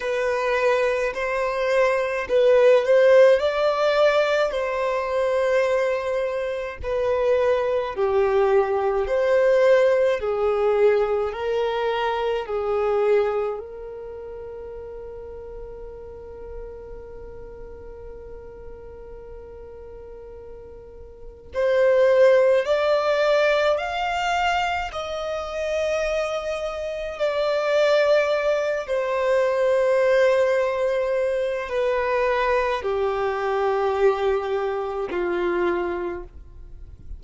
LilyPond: \new Staff \with { instrumentName = "violin" } { \time 4/4 \tempo 4 = 53 b'4 c''4 b'8 c''8 d''4 | c''2 b'4 g'4 | c''4 gis'4 ais'4 gis'4 | ais'1~ |
ais'2. c''4 | d''4 f''4 dis''2 | d''4. c''2~ c''8 | b'4 g'2 f'4 | }